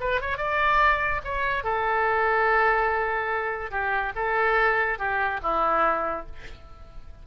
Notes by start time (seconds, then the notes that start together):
0.00 B4
0.21 C#5
0.37 D5
1.24 C#5
1.64 A4
3.71 G4
4.15 A4
4.98 G4
5.42 E4